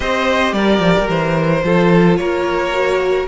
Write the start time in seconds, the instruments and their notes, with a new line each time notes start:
0.00 cello C4, viola G4, violin C5 D#5
0.52 cello G3, violin A#4 D5
0.80 cello F3
0.98 cello G3
1.08 cello E3, violin C5
1.64 cello F3, viola F4, violin A4
2.16 cello A#3, violin A#4 C#5
2.72 viola F#4